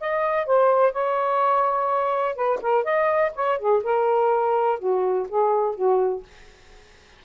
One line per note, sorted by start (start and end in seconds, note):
0.00 0.46 D#5
0.46 0.92 C5
0.92 2.35 C#5
2.35 2.59 B4
2.61 2.84 A#4
2.84 3.32 D#5
3.35 3.58 C#5
3.58 3.82 G#4
3.83 4.79 A#4
4.79 5.27 F#4
5.28 5.75 G#4
5.75 6.23 F#4